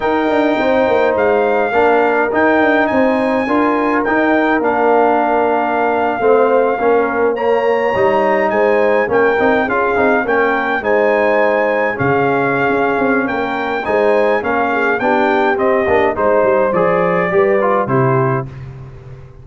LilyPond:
<<
  \new Staff \with { instrumentName = "trumpet" } { \time 4/4 \tempo 4 = 104 g''2 f''2 | g''4 gis''2 g''4 | f''1~ | f''8. ais''2 gis''4 g''16~ |
g''8. f''4 g''4 gis''4~ gis''16~ | gis''8. f''2~ f''16 g''4 | gis''4 f''4 g''4 dis''4 | c''4 d''2 c''4 | }
  \new Staff \with { instrumentName = "horn" } { \time 4/4 ais'4 c''2 ais'4~ | ais'4 c''4 ais'2~ | ais'2~ ais'8. c''4 ais'16~ | ais'8. cis''2 c''4 ais'16~ |
ais'8. gis'4 ais'4 c''4~ c''16~ | c''8. gis'2~ gis'16 ais'4 | c''4 ais'8 gis'8 g'2 | c''2 b'4 g'4 | }
  \new Staff \with { instrumentName = "trombone" } { \time 4/4 dis'2. d'4 | dis'2 f'4 dis'4 | d'2~ d'8. c'4 cis'16~ | cis'8. ais4 dis'2 cis'16~ |
cis'16 dis'8 f'8 dis'8 cis'4 dis'4~ dis'16~ | dis'8. cis'2.~ cis'16 | dis'4 cis'4 d'4 c'8 d'8 | dis'4 gis'4 g'8 f'8 e'4 | }
  \new Staff \with { instrumentName = "tuba" } { \time 4/4 dis'8 d'8 c'8 ais8 gis4 ais4 | dis'8 d'8 c'4 d'4 dis'4 | ais2~ ais8. a4 ais16~ | ais4.~ ais16 g4 gis4 ais16~ |
ais16 c'8 cis'8 c'8 ais4 gis4~ gis16~ | gis8. cis4~ cis16 cis'8 c'8 ais4 | gis4 ais4 b4 c'8 ais8 | gis8 g8 f4 g4 c4 | }
>>